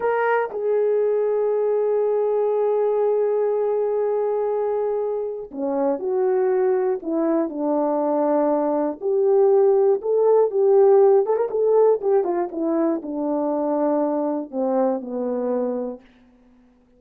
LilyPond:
\new Staff \with { instrumentName = "horn" } { \time 4/4 \tempo 4 = 120 ais'4 gis'2.~ | gis'1~ | gis'2. cis'4 | fis'2 e'4 d'4~ |
d'2 g'2 | a'4 g'4. a'16 ais'16 a'4 | g'8 f'8 e'4 d'2~ | d'4 c'4 b2 | }